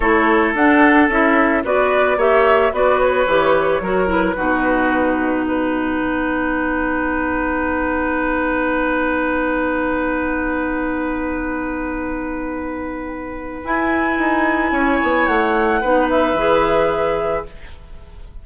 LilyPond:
<<
  \new Staff \with { instrumentName = "flute" } { \time 4/4 \tempo 4 = 110 cis''4 fis''4 e''4 d''4 | e''4 d''8 cis''2 b'8~ | b'2 fis''2~ | fis''1~ |
fis''1~ | fis''1~ | fis''4 gis''2. | fis''4. e''2~ e''8 | }
  \new Staff \with { instrumentName = "oboe" } { \time 4/4 a'2. b'4 | cis''4 b'2 ais'4 | fis'2 b'2~ | b'1~ |
b'1~ | b'1~ | b'2. cis''4~ | cis''4 b'2. | }
  \new Staff \with { instrumentName = "clarinet" } { \time 4/4 e'4 d'4 e'4 fis'4 | g'4 fis'4 g'4 fis'8 e'8 | dis'1~ | dis'1~ |
dis'1~ | dis'1~ | dis'4 e'2.~ | e'4 dis'4 gis'2 | }
  \new Staff \with { instrumentName = "bassoon" } { \time 4/4 a4 d'4 cis'4 b4 | ais4 b4 e4 fis4 | b,2. b4~ | b1~ |
b1~ | b1~ | b4 e'4 dis'4 cis'8 b8 | a4 b4 e2 | }
>>